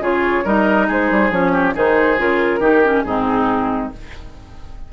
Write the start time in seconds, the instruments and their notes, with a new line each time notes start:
0.00 bassoon C#3, clarinet F4, oboe G#4, flute C#5
0.45 bassoon G3, clarinet D#4, oboe A#4, flute D#5
0.87 bassoon G#3, oboe G#4, flute C5
1.11 bassoon G3
1.31 bassoon F3, clarinet C#4, flute C#5
1.53 oboe G4
1.74 bassoon D#3, clarinet D#4, oboe G#4, flute C5
2.18 bassoon C#3, clarinet F4, flute A#4
2.60 bassoon D#3, clarinet D#4, oboe G4
2.85 clarinet C#4
3.03 bassoon G#2, clarinet C4, oboe D#4, flute G#4